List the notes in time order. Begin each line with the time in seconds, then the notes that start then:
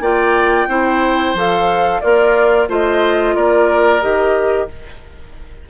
0.00 A#3 F4 D5 G5
0.67 C4 E4 C5
1.34 F3 A4 F5
2.00 A#3 F4 A#4 D5
2.68 A3 F4 C5 D#5
3.35 A#3 A#4 D5
4.01 D#3 G4 D#5